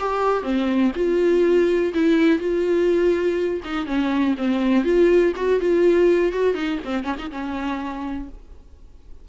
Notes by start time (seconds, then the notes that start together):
0.00 G4
0.43 C4
0.96 F4
1.94 E4
2.39 F4
3.65 D#4
3.86 C#4
4.38 C4
4.84 F4
5.36 F#4
5.61 F4
6.33 F#4
6.55 D#4
6.85 C4
7.04 C#4
7.19 D#4
7.31 C#4